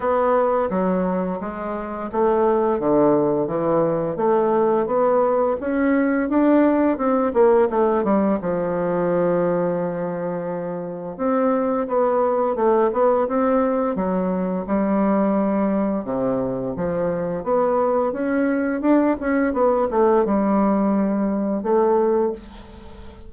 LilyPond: \new Staff \with { instrumentName = "bassoon" } { \time 4/4 \tempo 4 = 86 b4 fis4 gis4 a4 | d4 e4 a4 b4 | cis'4 d'4 c'8 ais8 a8 g8 | f1 |
c'4 b4 a8 b8 c'4 | fis4 g2 c4 | f4 b4 cis'4 d'8 cis'8 | b8 a8 g2 a4 | }